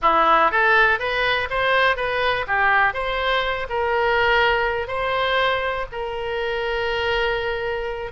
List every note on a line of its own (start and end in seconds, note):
0.02 0.51 E4
0.51 0.99 A4
0.99 1.48 B4
1.50 1.96 C5
1.96 2.45 B4
2.47 2.93 G4
2.93 3.67 C5
3.69 4.87 A#4
4.87 5.86 C5
5.92 8.11 A#4